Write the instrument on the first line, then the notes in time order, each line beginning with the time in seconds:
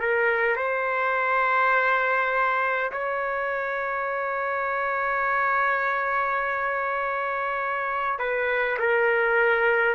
trumpet
0.00 A#4
0.56 C5
2.91 C#5
8.19 B4
8.79 A#4